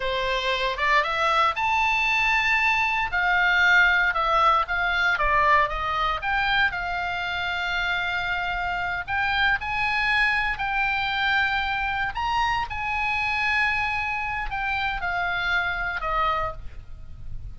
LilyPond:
\new Staff \with { instrumentName = "oboe" } { \time 4/4 \tempo 4 = 116 c''4. d''8 e''4 a''4~ | a''2 f''2 | e''4 f''4 d''4 dis''4 | g''4 f''2.~ |
f''4. g''4 gis''4.~ | gis''8 g''2. ais''8~ | ais''8 gis''2.~ gis''8 | g''4 f''2 dis''4 | }